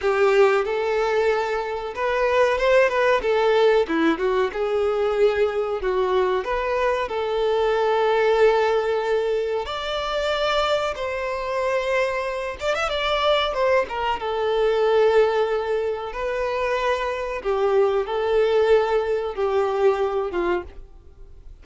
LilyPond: \new Staff \with { instrumentName = "violin" } { \time 4/4 \tempo 4 = 93 g'4 a'2 b'4 | c''8 b'8 a'4 e'8 fis'8 gis'4~ | gis'4 fis'4 b'4 a'4~ | a'2. d''4~ |
d''4 c''2~ c''8 d''16 e''16 | d''4 c''8 ais'8 a'2~ | a'4 b'2 g'4 | a'2 g'4. f'8 | }